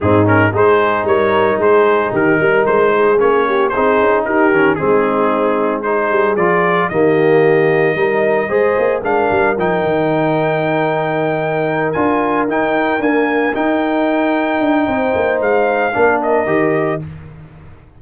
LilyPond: <<
  \new Staff \with { instrumentName = "trumpet" } { \time 4/4 \tempo 4 = 113 gis'8 ais'8 c''4 cis''4 c''4 | ais'4 c''4 cis''4 c''4 | ais'4 gis'2 c''4 | d''4 dis''2.~ |
dis''4 f''4 g''2~ | g''2~ g''8 gis''4 g''8~ | g''8 gis''4 g''2~ g''8~ | g''4 f''4. dis''4. | }
  \new Staff \with { instrumentName = "horn" } { \time 4/4 dis'4 gis'4 ais'4 gis'4 | g'8 ais'4 gis'4 g'8 gis'4 | g'4 dis'2 gis'4~ | gis'4 g'2 ais'4 |
c''4 ais'2.~ | ais'1~ | ais'1 | c''2 ais'2 | }
  \new Staff \with { instrumentName = "trombone" } { \time 4/4 c'8 cis'8 dis'2.~ | dis'2 cis'4 dis'4~ | dis'8 cis'8 c'2 dis'4 | f'4 ais2 dis'4 |
gis'4 d'4 dis'2~ | dis'2~ dis'8 f'4 dis'8~ | dis'8 ais4 dis'2~ dis'8~ | dis'2 d'4 g'4 | }
  \new Staff \with { instrumentName = "tuba" } { \time 4/4 gis,4 gis4 g4 gis4 | dis8 g8 gis4 ais4 c'8 cis'8 | dis'8 dis8 gis2~ gis8 g8 | f4 dis2 g4 |
gis8 ais8 gis8 g8 f8 dis4.~ | dis2~ dis8 d'4 dis'8~ | dis'8 d'4 dis'2 d'8 | c'8 ais8 gis4 ais4 dis4 | }
>>